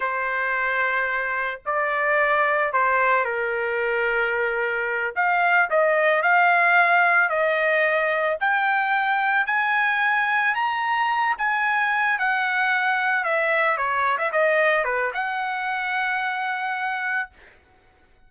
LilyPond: \new Staff \with { instrumentName = "trumpet" } { \time 4/4 \tempo 4 = 111 c''2. d''4~ | d''4 c''4 ais'2~ | ais'4. f''4 dis''4 f''8~ | f''4. dis''2 g''8~ |
g''4. gis''2 ais''8~ | ais''4 gis''4. fis''4.~ | fis''8 e''4 cis''8. e''16 dis''4 b'8 | fis''1 | }